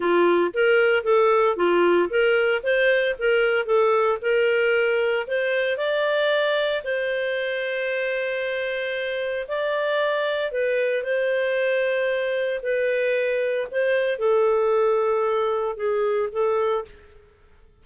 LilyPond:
\new Staff \with { instrumentName = "clarinet" } { \time 4/4 \tempo 4 = 114 f'4 ais'4 a'4 f'4 | ais'4 c''4 ais'4 a'4 | ais'2 c''4 d''4~ | d''4 c''2.~ |
c''2 d''2 | b'4 c''2. | b'2 c''4 a'4~ | a'2 gis'4 a'4 | }